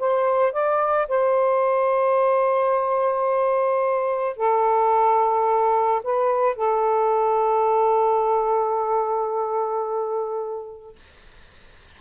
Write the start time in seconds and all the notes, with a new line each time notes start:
0.00 C5
0.53 D5
1.09 C5
4.37 A4
6.04 B4
6.56 A4